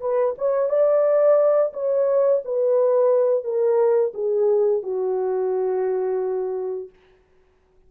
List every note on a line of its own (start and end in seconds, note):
0.00 0.34 B4
0.38 0.69 C#5
0.69 1.72 D5
1.73 2.42 C#5
2.45 3.44 B4
3.44 4.13 A#4
4.14 4.82 G#4
4.82 6.89 F#4